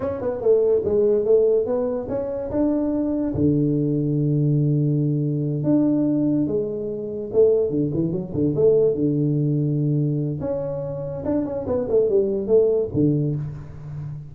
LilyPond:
\new Staff \with { instrumentName = "tuba" } { \time 4/4 \tempo 4 = 144 cis'8 b8 a4 gis4 a4 | b4 cis'4 d'2 | d1~ | d4. d'2 gis8~ |
gis4. a4 d8 e8 fis8 | d8 a4 d2~ d8~ | d4 cis'2 d'8 cis'8 | b8 a8 g4 a4 d4 | }